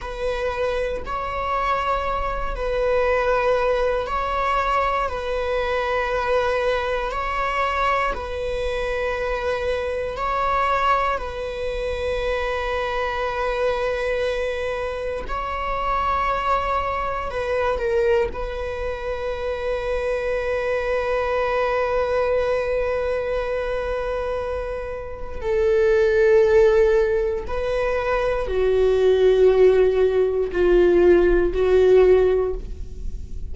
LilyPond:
\new Staff \with { instrumentName = "viola" } { \time 4/4 \tempo 4 = 59 b'4 cis''4. b'4. | cis''4 b'2 cis''4 | b'2 cis''4 b'4~ | b'2. cis''4~ |
cis''4 b'8 ais'8 b'2~ | b'1~ | b'4 a'2 b'4 | fis'2 f'4 fis'4 | }